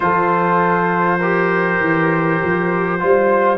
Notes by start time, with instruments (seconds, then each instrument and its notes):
0.00 tuba F3, trombone F4, horn A4, trumpet C5
1.19 trombone G4, horn A#4
1.79 tuba E3
2.42 tuba F3
2.99 tuba G3, trombone F4, horn C5